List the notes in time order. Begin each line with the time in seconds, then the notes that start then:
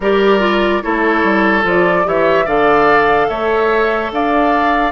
0.00 G3 G4 A#4 D5
0.39 F4
0.82 A3 E4 A4 C#5
1.23 G3
1.62 F3 F4
1.69 D5
2.04 E3 G4 C#5 E5
2.45 D3 A4 D5 F5
3.28 A3 C#5 E5
4.11 D4 D5 F5